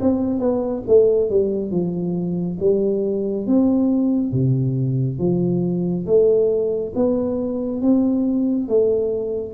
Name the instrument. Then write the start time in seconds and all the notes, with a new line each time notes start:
tuba
0.00 C4
0.40 B3
0.87 A3
1.30 G3
1.71 F3
2.60 G3
3.46 C4
4.32 C3
5.19 F3
6.06 A3
6.96 B3
7.81 C4
8.68 A3